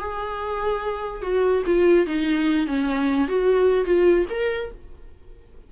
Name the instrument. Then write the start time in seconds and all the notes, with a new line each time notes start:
viola
0.00 G#4
1.22 F#4
1.66 F4
2.07 D#4
2.67 C#4
3.28 F#4
3.85 F4
4.30 A#4